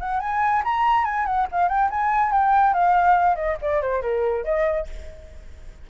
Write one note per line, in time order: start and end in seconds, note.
0.00 0.20 F#5
0.20 0.63 G#5
0.65 1.05 A#5
1.05 1.26 G#5
1.26 1.47 F#5
1.52 1.69 F5
1.69 1.90 G5
1.91 2.32 G#5
2.32 2.74 G5
2.74 3.36 F5
3.36 3.57 D#5
3.62 3.82 D5
3.82 4.02 C5
4.02 4.44 A#4
4.44 4.87 D#5